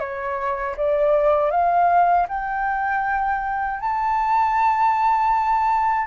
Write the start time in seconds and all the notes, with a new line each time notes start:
0.00 C#5
0.77 D5
1.51 F5
2.29 G5
3.80 A5